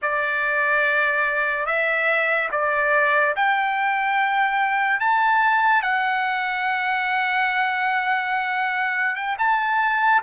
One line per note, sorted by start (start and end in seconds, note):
0.02 1.66 D5
1.66 2.49 E5
2.51 3.34 D5
3.35 5.00 G5
5.00 5.82 A5
5.82 9.15 F#5
9.15 9.36 G5
9.38 10.22 A5